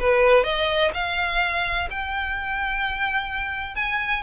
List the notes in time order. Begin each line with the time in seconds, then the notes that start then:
0.00 B4
0.44 D#5
0.94 F5
1.91 G5
3.76 G#5